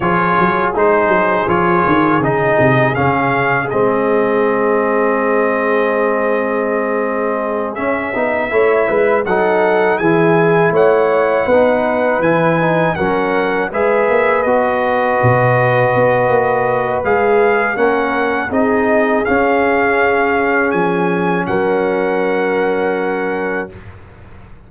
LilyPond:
<<
  \new Staff \with { instrumentName = "trumpet" } { \time 4/4 \tempo 4 = 81 cis''4 c''4 cis''4 dis''4 | f''4 dis''2.~ | dis''2~ dis''8 e''4.~ | e''8 fis''4 gis''4 fis''4.~ |
fis''8 gis''4 fis''4 e''4 dis''8~ | dis''2. f''4 | fis''4 dis''4 f''2 | gis''4 fis''2. | }
  \new Staff \with { instrumentName = "horn" } { \time 4/4 gis'1~ | gis'1~ | gis'2.~ gis'8 cis''8 | b'8 a'4 gis'4 cis''4 b'8~ |
b'4. ais'4 b'4.~ | b'1 | ais'4 gis'2.~ | gis'4 ais'2. | }
  \new Staff \with { instrumentName = "trombone" } { \time 4/4 f'4 dis'4 f'4 dis'4 | cis'4 c'2.~ | c'2~ c'8 cis'8 dis'8 e'8~ | e'8 dis'4 e'2 dis'8~ |
dis'8 e'8 dis'8 cis'4 gis'4 fis'8~ | fis'2. gis'4 | cis'4 dis'4 cis'2~ | cis'1 | }
  \new Staff \with { instrumentName = "tuba" } { \time 4/4 f8 fis8 gis8 fis8 f8 dis8 cis8 c8 | cis4 gis2.~ | gis2~ gis8 cis'8 b8 a8 | gis8 fis4 e4 a4 b8~ |
b8 e4 fis4 gis8 ais8 b8~ | b8 b,4 b8 ais4 gis4 | ais4 c'4 cis'2 | f4 fis2. | }
>>